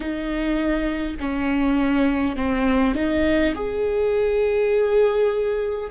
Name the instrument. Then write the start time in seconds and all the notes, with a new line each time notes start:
viola
0.00 D#4
1.19 C#4
2.35 C4
2.94 D#4
3.55 G#4